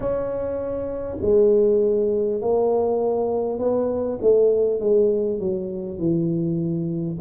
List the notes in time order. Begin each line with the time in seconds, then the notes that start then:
0.00 C#4
1.21 G#3
2.41 A#3
3.58 B3
4.21 A3
4.80 G#3
5.39 F#3
5.98 E3